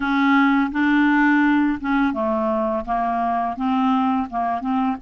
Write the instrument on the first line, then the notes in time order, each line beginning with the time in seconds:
clarinet
0.00 C#4
0.71 D4
1.80 C#4
2.13 A3
2.85 A#3
3.56 C4
4.30 A#3
4.60 C4